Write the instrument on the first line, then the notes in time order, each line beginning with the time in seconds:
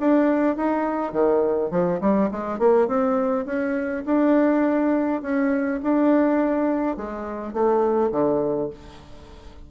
bassoon
0.00 D4
0.57 D#4
1.13 D#3
1.71 F3
2.01 G3
2.31 G#3
2.59 A#3
2.88 C4
3.46 C#4
4.06 D4
5.22 C#4
5.83 D4
6.97 G#3
7.53 A3
8.12 D3